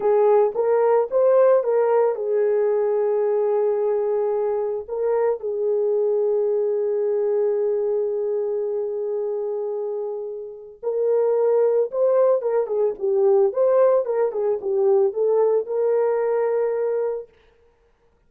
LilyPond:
\new Staff \with { instrumentName = "horn" } { \time 4/4 \tempo 4 = 111 gis'4 ais'4 c''4 ais'4 | gis'1~ | gis'4 ais'4 gis'2~ | gis'1~ |
gis'1 | ais'2 c''4 ais'8 gis'8 | g'4 c''4 ais'8 gis'8 g'4 | a'4 ais'2. | }